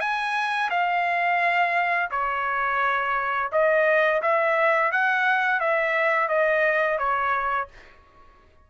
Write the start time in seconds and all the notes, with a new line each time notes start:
0.00 G#5
0.70 F5
2.11 C#5
3.52 D#5
4.22 E5
4.92 F#5
5.60 E5
6.29 D#5
6.98 C#5